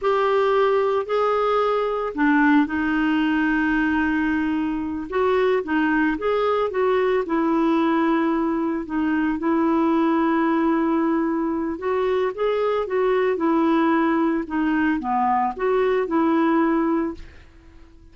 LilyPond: \new Staff \with { instrumentName = "clarinet" } { \time 4/4 \tempo 4 = 112 g'2 gis'2 | d'4 dis'2.~ | dis'4. fis'4 dis'4 gis'8~ | gis'8 fis'4 e'2~ e'8~ |
e'8 dis'4 e'2~ e'8~ | e'2 fis'4 gis'4 | fis'4 e'2 dis'4 | b4 fis'4 e'2 | }